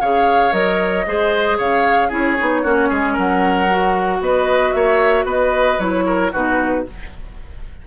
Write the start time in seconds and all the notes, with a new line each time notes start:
0.00 C#3 G#4 C#5 F5
0.51 F#3 A#4 D#5
1.06 G#3 G#4 C5
1.57 C#3 C#5 F5
2.08 C#4 E4 G#4 C#5
2.38 B3 D#4
2.63 A#3 C#4 F#4
2.88 G#3 G#4
3.12 F#3 A#4 F#5
3.70 F#4
4.20 B3 B4 D#5
4.72 A#3 C#5 E5
5.24 B3 B4 D#5
5.78 F#3 E4 C#5
6.05 A#4
6.32 B2 D#4 F#4 B4